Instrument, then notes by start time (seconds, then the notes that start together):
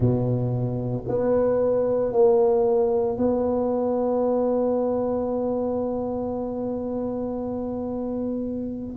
tuba
0.00 B2
1.08 B3
2.12 A#3
3.17 B3